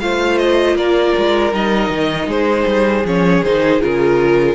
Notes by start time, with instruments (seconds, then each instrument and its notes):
0.00 cello A3, viola F4, violin C5 F5
0.38 violin D#5
0.75 cello A#3, violin A#4 D5
1.17 cello G#3
1.52 cello G3, viola D#4, violin D#5
1.89 cello D#3
2.27 cello G#3, violin G#4 C5
2.66 cello G3
3.04 cello F3, viola C#4, violin C#5
3.43 cello D#3, viola D#4, violin C5
3.80 cello C#3, viola F4, violin A#4